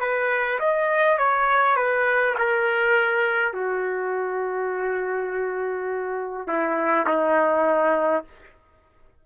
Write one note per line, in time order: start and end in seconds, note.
0.00 0.59 B4
0.59 1.18 D#5
1.18 1.76 C#5
1.76 2.35 B4
2.38 3.53 A#4
3.53 6.48 F#4
6.48 7.06 E4
7.06 8.24 D#4